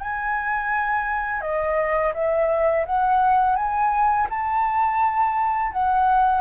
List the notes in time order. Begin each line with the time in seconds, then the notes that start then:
0.00 G#5
1.41 D#5
2.14 E5
2.86 F#5
3.56 G#5
4.30 A5
5.72 F#5